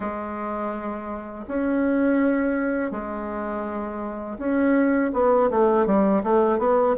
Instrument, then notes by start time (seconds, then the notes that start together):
bassoon
0.00 G#3
1.47 C#4
2.91 G#3
4.38 C#4
5.13 B3
5.50 A3
5.86 G3
6.23 A3
6.59 B3